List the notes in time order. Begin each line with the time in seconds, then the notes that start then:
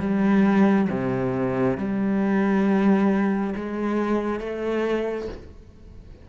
0.00 G3
0.90 C3
1.78 G3
3.56 G#3
4.40 A3